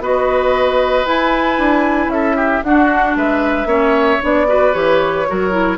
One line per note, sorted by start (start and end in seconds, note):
0.00 1.05 B3
0.00 1.05 F#4
0.00 2.13 B4
0.00 1.05 D#5
1.05 2.63 E4
1.05 1.58 E4
1.05 2.09 G#5
1.58 2.07 D4
2.07 2.59 C#4
2.07 2.36 A4
2.07 2.62 E5
2.36 2.62 G4
2.63 3.16 D4
2.63 3.67 D4
2.63 3.17 F#4
2.63 3.16 F#5
3.16 3.64 G#3
3.16 3.68 B4
3.16 4.22 E5
3.64 4.17 A#3
3.64 4.19 C#4
3.64 4.47 C#5
4.20 4.74 B3
4.20 4.46 D4
4.20 4.73 D5
4.47 4.73 F#4
4.47 5.27 B4
4.73 5.26 E3
4.73 5.26 G4
4.73 5.78 C#5
5.27 5.78 F#3
5.27 5.50 F#4
5.27 5.78 A#4
5.50 5.77 E4